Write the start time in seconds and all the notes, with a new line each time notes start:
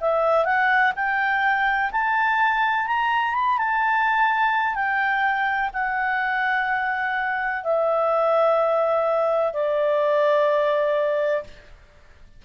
0.00 E5
0.44 F#5
0.95 G5
1.91 A5
2.87 A#5
3.34 B5
3.58 A5
4.74 G5
5.73 F#5
7.63 E5
9.53 D5